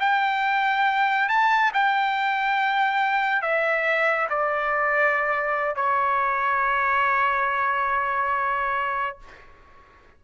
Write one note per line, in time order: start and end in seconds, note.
0.00 1.29 G5
1.29 1.71 A5
1.73 3.42 G5
3.42 4.27 E5
4.29 5.75 D5
5.75 9.18 C#5